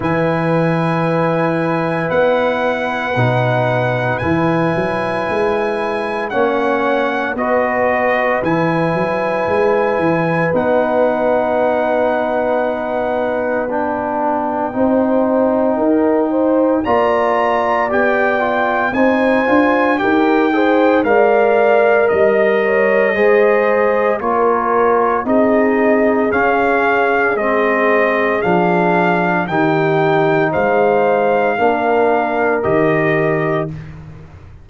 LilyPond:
<<
  \new Staff \with { instrumentName = "trumpet" } { \time 4/4 \tempo 4 = 57 gis''2 fis''2 | gis''2 fis''4 dis''4 | gis''2 fis''2~ | fis''4 g''2. |
ais''4 g''4 gis''4 g''4 | f''4 dis''2 cis''4 | dis''4 f''4 dis''4 f''4 | g''4 f''2 dis''4 | }
  \new Staff \with { instrumentName = "horn" } { \time 4/4 b'1~ | b'2 cis''4 b'4~ | b'1~ | b'2 c''4 ais'8 c''8 |
d''2 c''4 ais'8 c''8 | d''4 dis''8 cis''8 c''4 ais'4 | gis'1 | g'4 c''4 ais'2 | }
  \new Staff \with { instrumentName = "trombone" } { \time 4/4 e'2. dis'4 | e'2 cis'4 fis'4 | e'2 dis'2~ | dis'4 d'4 dis'2 |
f'4 g'8 f'8 dis'8 f'8 g'8 gis'8 | ais'2 gis'4 f'4 | dis'4 cis'4 c'4 d'4 | dis'2 d'4 g'4 | }
  \new Staff \with { instrumentName = "tuba" } { \time 4/4 e2 b4 b,4 | e8 fis8 gis4 ais4 b4 | e8 fis8 gis8 e8 b2~ | b2 c'4 dis'4 |
ais4 b4 c'8 d'8 dis'4 | gis4 g4 gis4 ais4 | c'4 cis'4 gis4 f4 | dis4 gis4 ais4 dis4 | }
>>